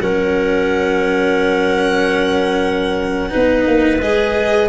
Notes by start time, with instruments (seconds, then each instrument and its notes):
0.00 tuba F#3, cello C#4, clarinet A#4, violin F#5
3.29 tuba B3, cello D#4, clarinet B4
3.66 tuba A#3
4.00 tuba G#3, cello G#4, violin D#5